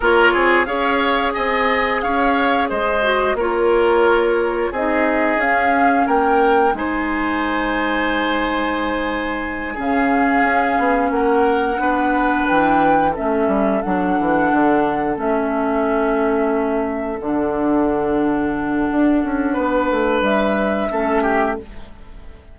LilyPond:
<<
  \new Staff \with { instrumentName = "flute" } { \time 4/4 \tempo 4 = 89 cis''4 f''4 gis''4 f''4 | dis''4 cis''2 dis''4 | f''4 g''4 gis''2~ | gis''2~ gis''8 f''4.~ |
f''8 fis''2 g''4 e''8~ | e''8 fis''2 e''4.~ | e''4. fis''2~ fis''8~ | fis''2 e''2 | }
  \new Staff \with { instrumentName = "oboe" } { \time 4/4 ais'8 gis'8 cis''4 dis''4 cis''4 | c''4 ais'2 gis'4~ | gis'4 ais'4 c''2~ | c''2~ c''8 gis'4.~ |
gis'8 ais'4 b'2 a'8~ | a'1~ | a'1~ | a'4 b'2 a'8 g'8 | }
  \new Staff \with { instrumentName = "clarinet" } { \time 4/4 f'4 gis'2.~ | gis'8 fis'8 f'2 dis'4 | cis'2 dis'2~ | dis'2~ dis'8 cis'4.~ |
cis'4. d'2 cis'8~ | cis'8 d'2 cis'4.~ | cis'4. d'2~ d'8~ | d'2. cis'4 | }
  \new Staff \with { instrumentName = "bassoon" } { \time 4/4 ais8 c'8 cis'4 c'4 cis'4 | gis4 ais2 c'4 | cis'4 ais4 gis2~ | gis2~ gis8 cis4 cis'8 |
b8 ais4 b4 e4 a8 | g8 fis8 e8 d4 a4.~ | a4. d2~ d8 | d'8 cis'8 b8 a8 g4 a4 | }
>>